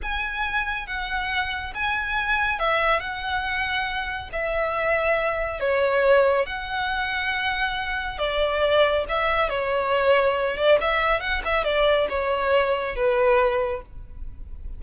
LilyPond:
\new Staff \with { instrumentName = "violin" } { \time 4/4 \tempo 4 = 139 gis''2 fis''2 | gis''2 e''4 fis''4~ | fis''2 e''2~ | e''4 cis''2 fis''4~ |
fis''2. d''4~ | d''4 e''4 cis''2~ | cis''8 d''8 e''4 fis''8 e''8 d''4 | cis''2 b'2 | }